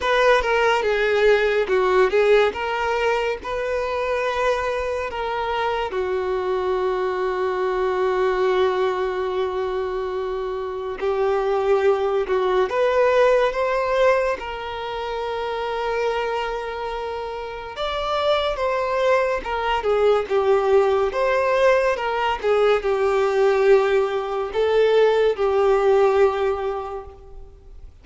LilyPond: \new Staff \with { instrumentName = "violin" } { \time 4/4 \tempo 4 = 71 b'8 ais'8 gis'4 fis'8 gis'8 ais'4 | b'2 ais'4 fis'4~ | fis'1~ | fis'4 g'4. fis'8 b'4 |
c''4 ais'2.~ | ais'4 d''4 c''4 ais'8 gis'8 | g'4 c''4 ais'8 gis'8 g'4~ | g'4 a'4 g'2 | }